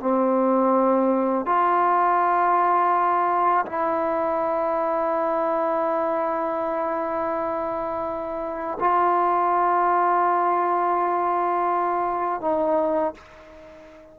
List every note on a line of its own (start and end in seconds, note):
0.00 1.46 C4
1.46 3.66 F4
3.66 8.78 E4
8.80 12.41 F4
12.41 13.14 D#4